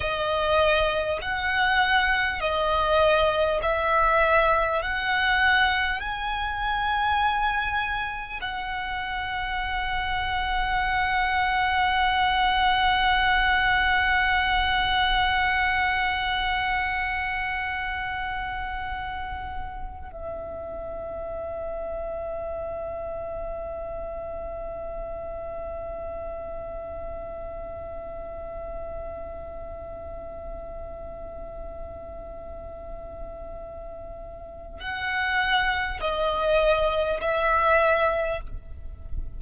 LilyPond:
\new Staff \with { instrumentName = "violin" } { \time 4/4 \tempo 4 = 50 dis''4 fis''4 dis''4 e''4 | fis''4 gis''2 fis''4~ | fis''1~ | fis''1~ |
fis''8. e''2.~ e''16~ | e''1~ | e''1~ | e''4 fis''4 dis''4 e''4 | }